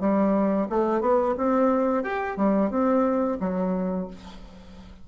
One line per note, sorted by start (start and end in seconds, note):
0.00 0.67 G3
0.70 1.01 A3
1.01 1.35 B3
1.37 2.03 C4
2.03 2.37 G4
2.37 2.70 G3
2.70 3.38 C4
3.40 4.08 F#3